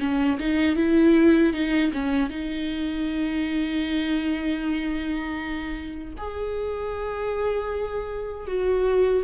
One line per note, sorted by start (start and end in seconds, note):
0.00 0.38 C#4
0.40 0.77 D#4
0.77 1.53 E4
1.54 1.92 D#4
1.93 2.30 C#4
2.30 6.15 D#4
6.18 8.48 G#4
8.48 9.25 F#4